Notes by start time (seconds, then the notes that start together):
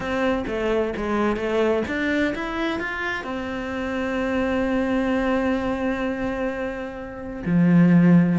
0.00 C4
0.47 A3
0.96 G#3
1.36 A3
1.87 D4
2.34 E4
2.79 F4
3.24 C4
7.45 F3